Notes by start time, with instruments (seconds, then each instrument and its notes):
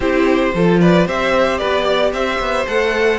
0.00 cello C4, viola E4, violin G4 C5
0.54 cello F3, viola F4, violin A4
0.80 violin B4 D5
1.06 cello C4, viola G4, violin C5 E5
1.58 cello B3, violin B4 D5
1.84 violin D5
2.12 cello C4, violin C5 E5
2.39 cello B3
2.66 cello A3, viola A4, violin F#5